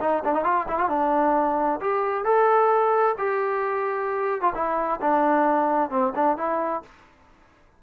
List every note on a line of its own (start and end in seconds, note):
0.00 0.23 D#4
0.24 0.33 D4
0.33 0.43 D#4
0.43 0.66 F4
0.68 0.78 E4
0.78 0.89 F4
0.89 1.80 D4
1.80 2.24 G4
2.24 3.15 A4
3.18 4.41 G4
4.41 4.52 F4
4.54 5.00 E4
5.01 5.90 D4
5.90 6.12 C4
6.15 6.37 D4
6.37 6.82 E4